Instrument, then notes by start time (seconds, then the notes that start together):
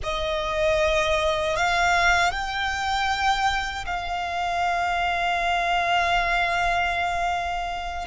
violin
0.03 D#5
1.56 F5
2.31 G5
3.86 F5